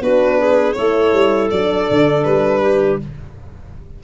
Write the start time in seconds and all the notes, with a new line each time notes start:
0.00 B3 D4 F#4 B4
0.38 G#4
0.73 A3 E4 A4 C#5
1.13 G3
1.50 F#3 D4 D5
1.90 D3
2.24 G3 B4
2.61 G4